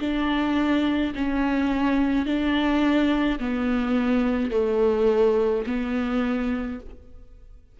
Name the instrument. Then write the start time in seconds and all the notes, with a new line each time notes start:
viola
0.00 D4
1.15 C#4
2.26 D4
3.40 B3
4.51 A3
5.67 B3